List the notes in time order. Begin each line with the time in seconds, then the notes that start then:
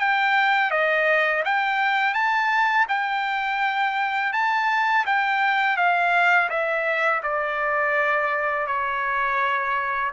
0.00 G5
0.71 D#5
1.45 G5
2.14 A5
2.89 G5
4.33 A5
5.06 G5
5.77 F5
6.50 E5
7.23 D5
8.67 C#5